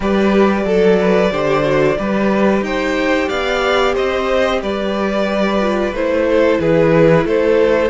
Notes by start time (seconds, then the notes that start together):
0.00 G3 G4 B4 D5
0.65 F#3 A4
1.00 B4
1.31 D3 G4 C5
1.63 F#4
1.98 G3 G4 B4
2.61 D#4 C5 G5
3.28 B3 D5 F5
3.94 C4 C5 D#5
4.62 G3 B4 D5
5.60 F4
5.93 A3 E4 C5
6.30 A4
6.59 E3 G#4 B4
7.25 A3 A4 C5